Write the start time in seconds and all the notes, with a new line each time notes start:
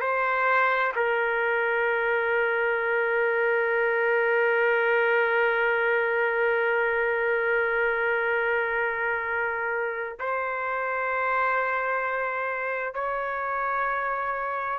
0.00 C5
0.96 A#4
10.20 C5
12.94 C#5